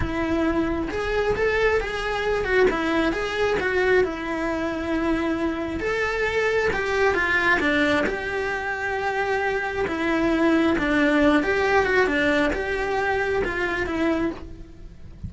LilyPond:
\new Staff \with { instrumentName = "cello" } { \time 4/4 \tempo 4 = 134 e'2 gis'4 a'4 | gis'4. fis'8 e'4 gis'4 | fis'4 e'2.~ | e'4 a'2 g'4 |
f'4 d'4 g'2~ | g'2 e'2 | d'4. g'4 fis'8 d'4 | g'2 f'4 e'4 | }